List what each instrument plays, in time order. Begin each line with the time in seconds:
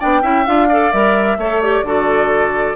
0.00 bassoon B3, clarinet D4, oboe D5, flute G5
0.22 bassoon C#4, clarinet E4, oboe E5
0.46 bassoon D4, clarinet F4, flute F5
0.69 clarinet A4, oboe D5
0.93 bassoon G3, clarinet A#4, flute E5
1.38 bassoon A3, clarinet A4, oboe C#5
1.62 clarinet G4, flute D5
1.83 bassoon D3, clarinet F#4, oboe A4